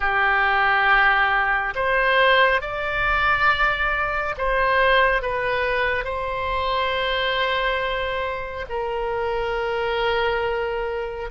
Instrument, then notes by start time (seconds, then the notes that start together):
oboe
0.00 G4
1.75 C5
2.61 D5
4.37 C5
5.22 B4
6.04 C5
8.69 A#4